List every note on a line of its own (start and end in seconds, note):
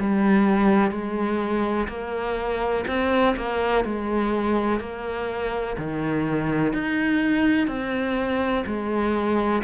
0.00 0.91 G3
0.91 1.87 G#3
1.88 2.85 A#3
2.88 3.36 C4
3.37 3.84 A#3
3.84 4.80 G#3
4.80 5.77 A#3
5.77 6.73 D#3
6.73 7.68 D#4
7.68 8.64 C4
8.66 9.63 G#3